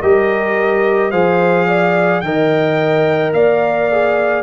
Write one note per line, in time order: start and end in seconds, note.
0.00 1.13 G3
0.00 1.13 G4
0.00 1.11 A#4
0.00 1.12 D#5
1.11 2.23 F3
1.11 2.24 G#4
1.11 1.67 C5
1.11 2.21 F5
1.68 2.23 D5
2.21 3.33 D#3
2.21 3.92 A#4
2.21 3.35 D#5
2.21 3.32 G5
3.33 4.44 A#3
3.33 4.44 D5
3.33 4.44 F5
3.92 4.44 G#4